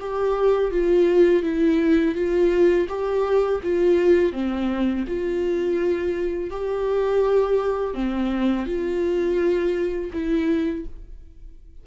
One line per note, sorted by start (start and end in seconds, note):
0.00 0.72 G4
0.72 1.43 F4
1.43 2.15 E4
2.15 2.88 F4
2.89 3.61 G4
3.63 4.33 F4
4.33 5.05 C4
5.08 6.51 F4
6.51 7.95 G4
7.95 8.66 C4
8.66 10.11 F4
10.13 10.85 E4